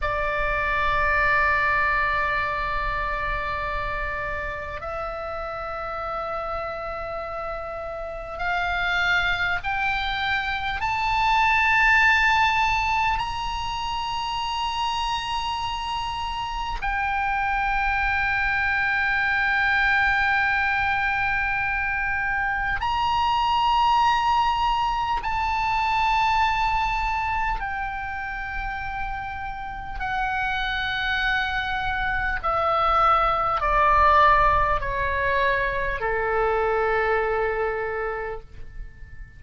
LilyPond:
\new Staff \with { instrumentName = "oboe" } { \time 4/4 \tempo 4 = 50 d''1 | e''2. f''4 | g''4 a''2 ais''4~ | ais''2 g''2~ |
g''2. ais''4~ | ais''4 a''2 g''4~ | g''4 fis''2 e''4 | d''4 cis''4 a'2 | }